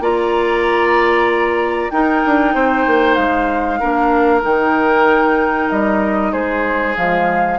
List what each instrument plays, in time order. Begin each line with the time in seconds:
0.00 bassoon A#3, clarinet F4, oboe D5, flute A#5
1.91 clarinet D#4, bassoon D#4, oboe A#4, flute G5
2.26 bassoon D4
2.54 bassoon C4, oboe C5
2.87 bassoon A#3
3.14 bassoon G#3, flute F5
3.80 bassoon A#3, clarinet D4, oboe A#4
4.42 bassoon D#3, clarinet D#4, flute G5
5.70 bassoon G3, flute D#5
6.32 bassoon G#3, oboe G#4, flute C5
6.96 bassoon F3, clarinet G#3, flute F5